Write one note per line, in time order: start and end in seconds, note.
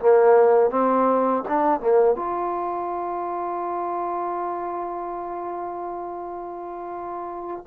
0.00 0.71 A#3
0.71 1.44 C4
1.49 1.81 D4
1.81 2.16 A#3
2.16 7.65 F4